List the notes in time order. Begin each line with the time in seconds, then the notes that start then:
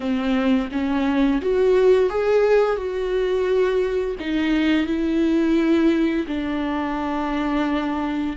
0.00 C4
0.71 C#4
1.41 F#4
2.09 G#4
2.76 F#4
4.19 D#4
4.86 E4
6.27 D4